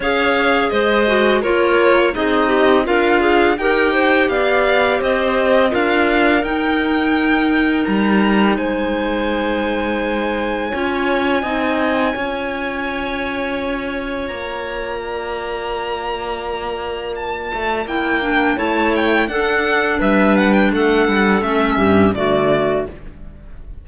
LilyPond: <<
  \new Staff \with { instrumentName = "violin" } { \time 4/4 \tempo 4 = 84 f''4 dis''4 cis''4 dis''4 | f''4 g''4 f''4 dis''4 | f''4 g''2 ais''4 | gis''1~ |
gis''1 | ais''1 | a''4 g''4 a''8 g''8 fis''4 | e''8 fis''16 g''16 fis''4 e''4 d''4 | }
  \new Staff \with { instrumentName = "clarinet" } { \time 4/4 cis''4 c''4 ais'4 gis'8 g'8 | f'4 ais'8 c''8 d''4 c''4 | ais'1 | c''2. cis''4 |
dis''4 cis''2.~ | cis''4 d''2.~ | d''2 cis''4 a'4 | b'4 a'4. g'8 fis'4 | }
  \new Staff \with { instrumentName = "clarinet" } { \time 4/4 gis'4. fis'8 f'4 dis'4 | ais'8 gis'8 g'2. | f'4 dis'2.~ | dis'2. f'4 |
dis'4 f'2.~ | f'1~ | f'4 e'8 d'8 e'4 d'4~ | d'2 cis'4 a4 | }
  \new Staff \with { instrumentName = "cello" } { \time 4/4 cis'4 gis4 ais4 c'4 | d'4 dis'4 b4 c'4 | d'4 dis'2 g4 | gis2. cis'4 |
c'4 cis'2. | ais1~ | ais8 a8 ais4 a4 d'4 | g4 a8 g8 a8 g,8 d4 | }
>>